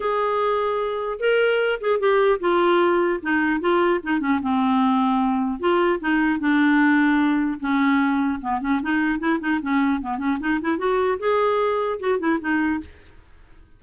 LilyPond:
\new Staff \with { instrumentName = "clarinet" } { \time 4/4 \tempo 4 = 150 gis'2. ais'4~ | ais'8 gis'8 g'4 f'2 | dis'4 f'4 dis'8 cis'8 c'4~ | c'2 f'4 dis'4 |
d'2. cis'4~ | cis'4 b8 cis'8 dis'4 e'8 dis'8 | cis'4 b8 cis'8 dis'8 e'8 fis'4 | gis'2 fis'8 e'8 dis'4 | }